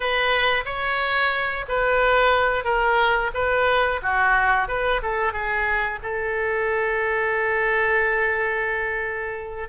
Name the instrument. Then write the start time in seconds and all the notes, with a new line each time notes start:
oboe
0.00 B4
0.65 C#5
1.68 B4
2.64 A#4
3.34 B4
4.02 F#4
4.68 B4
5.02 A4
5.32 G#4
6.02 A4